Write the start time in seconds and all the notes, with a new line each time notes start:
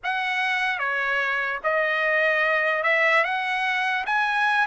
0.03 F#5
0.78 C#5
1.63 D#5
2.83 E5
3.24 F#5
4.05 G#5